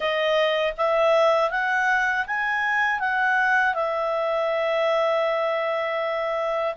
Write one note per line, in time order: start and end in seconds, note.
0.00 0.73 D#5
0.77 1.50 E5
1.50 2.25 F#5
2.27 2.99 G#5
2.99 3.74 F#5
3.74 6.74 E5